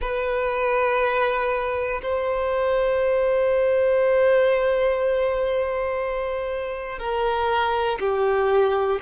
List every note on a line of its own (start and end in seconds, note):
0.01 2.01 B4
2.02 6.98 C5
6.98 7.98 A#4
7.99 8.99 G4